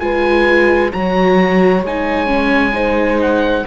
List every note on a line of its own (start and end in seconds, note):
0.00 0.92 G#3
0.00 0.91 F4
0.00 0.93 B4
0.00 0.91 G#5
0.93 1.83 F#3
0.93 1.84 F#4
0.93 2.74 C#5
0.93 1.84 A#5
1.83 3.64 G#3
1.83 2.27 D#4
1.83 3.22 G#5
2.27 2.72 C#4
2.73 3.64 D#4
2.73 3.65 C5
3.22 3.67 F#5